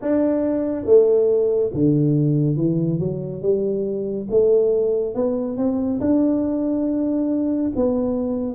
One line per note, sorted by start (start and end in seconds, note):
0.01 0.85 D4
0.85 1.70 A3
1.73 2.56 D3
2.56 2.99 E3
2.99 3.42 F#3
3.42 4.27 G3
4.30 5.14 A3
5.14 5.57 B3
5.57 6.00 C4
6.00 7.71 D4
7.75 8.55 B3